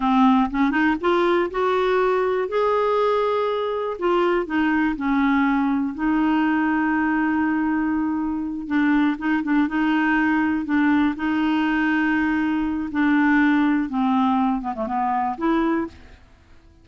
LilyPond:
\new Staff \with { instrumentName = "clarinet" } { \time 4/4 \tempo 4 = 121 c'4 cis'8 dis'8 f'4 fis'4~ | fis'4 gis'2. | f'4 dis'4 cis'2 | dis'1~ |
dis'4. d'4 dis'8 d'8 dis'8~ | dis'4. d'4 dis'4.~ | dis'2 d'2 | c'4. b16 a16 b4 e'4 | }